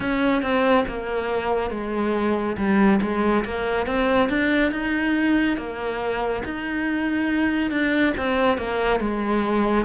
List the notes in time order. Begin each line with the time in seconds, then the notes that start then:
0.00 C#4
0.42 C4
0.87 A#3
1.70 G#3
2.57 G3
3.01 G#3
3.44 A#3
3.86 C4
4.29 D4
4.71 D#4
5.57 A#3
6.44 D#4
7.71 D4
8.17 C4
8.57 A#3
9.00 G#3